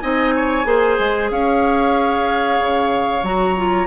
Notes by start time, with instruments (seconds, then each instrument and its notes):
0.00 bassoon C4, clarinet D#4, oboe D#5, flute G#5
0.35 oboe C#5
0.64 bassoon A#3, clarinet G#4, oboe C5
0.99 bassoon G#3
1.31 bassoon C#4, oboe C#5, flute F5
2.60 bassoon C#3
3.23 bassoon F#3, clarinet F#4, flute A#5
3.57 clarinet F4